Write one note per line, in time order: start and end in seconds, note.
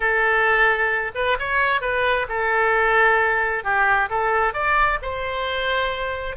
0.00 1.11 A4
1.15 1.37 B4
1.39 1.81 C#5
1.81 2.26 B4
2.29 3.63 A4
3.63 4.09 G4
4.09 4.53 A4
4.53 4.99 D5
5.02 6.36 C5